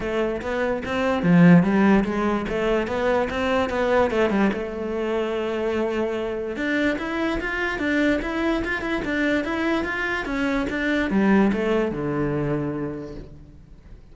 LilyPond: \new Staff \with { instrumentName = "cello" } { \time 4/4 \tempo 4 = 146 a4 b4 c'4 f4 | g4 gis4 a4 b4 | c'4 b4 a8 g8 a4~ | a1 |
d'4 e'4 f'4 d'4 | e'4 f'8 e'8 d'4 e'4 | f'4 cis'4 d'4 g4 | a4 d2. | }